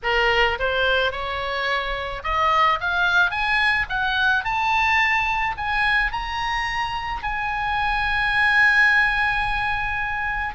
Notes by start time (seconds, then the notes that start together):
0.02 A#4
0.59 C5
1.11 C#5
2.23 D#5
2.80 F5
3.30 G#5
3.89 F#5
4.44 A5
5.57 G#5
6.12 A#5
7.22 G#5